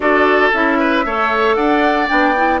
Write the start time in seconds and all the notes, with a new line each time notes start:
0.00 D4 F#4 A4 D5
0.53 C#4 E4 E5
0.78 B4
1.05 A3 A4 C#5
1.55 D4 D5 F#5
2.07 B3 D4 G5
2.36 E4